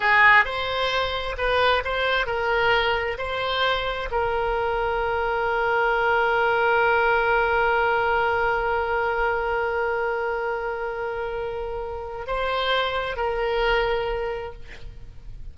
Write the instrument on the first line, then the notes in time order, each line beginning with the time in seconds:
oboe
0.00 G#4
0.44 C5
1.37 B4
1.84 C5
2.26 A#4
3.18 C5
4.11 A#4
12.26 C5
13.16 A#4